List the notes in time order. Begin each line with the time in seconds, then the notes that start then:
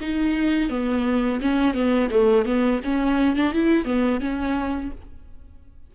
0.00 D#4
0.69 B3
1.41 C#4
1.74 B3
2.10 A3
2.45 B3
2.83 C#4
3.36 D4
3.52 E4
3.85 B3
4.20 C#4